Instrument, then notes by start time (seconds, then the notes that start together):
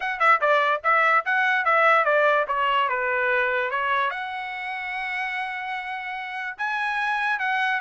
trumpet
0.00 F#5
0.19 E5
0.40 D5
0.83 E5
1.25 F#5
1.64 E5
2.05 D5
2.47 C#5
2.88 B4
3.70 C#5
4.10 F#5
6.57 G#5
7.39 F#5